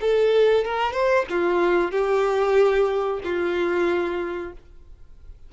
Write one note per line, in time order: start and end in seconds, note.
0.00 0.64 A4
0.64 0.93 A#4
0.93 1.25 C5
1.29 1.91 F4
1.91 3.20 G4
3.23 4.52 F4